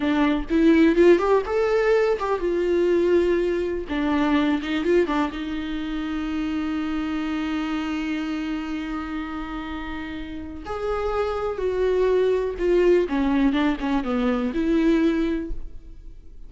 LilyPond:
\new Staff \with { instrumentName = "viola" } { \time 4/4 \tempo 4 = 124 d'4 e'4 f'8 g'8 a'4~ | a'8 g'8 f'2. | d'4. dis'8 f'8 d'8 dis'4~ | dis'1~ |
dis'1~ | dis'2 gis'2 | fis'2 f'4 cis'4 | d'8 cis'8 b4 e'2 | }